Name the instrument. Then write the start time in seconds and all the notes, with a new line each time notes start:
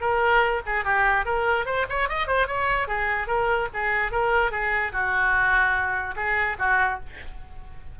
oboe
0.00 A#4
0.66 G#4
0.84 G4
1.25 A#4
1.65 C5
1.89 C#5
2.09 D#5
2.27 C5
2.47 C#5
2.88 G#4
3.27 A#4
3.73 G#4
4.12 A#4
4.51 G#4
4.92 F#4
6.16 G#4
6.59 F#4